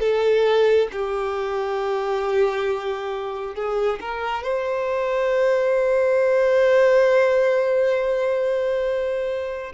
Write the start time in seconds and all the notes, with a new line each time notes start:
0.00 A4
0.92 G4
3.55 G#4
4.01 A#4
4.44 C5